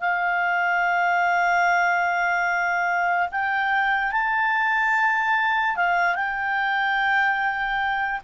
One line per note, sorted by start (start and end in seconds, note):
0.00 3.29 F5
3.31 4.12 G5
4.12 5.76 A5
5.76 6.15 F5
6.15 8.20 G5